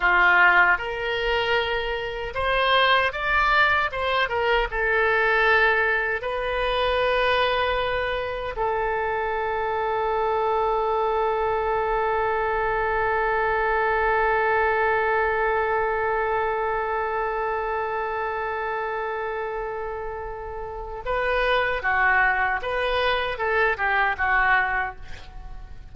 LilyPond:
\new Staff \with { instrumentName = "oboe" } { \time 4/4 \tempo 4 = 77 f'4 ais'2 c''4 | d''4 c''8 ais'8 a'2 | b'2. a'4~ | a'1~ |
a'1~ | a'1~ | a'2. b'4 | fis'4 b'4 a'8 g'8 fis'4 | }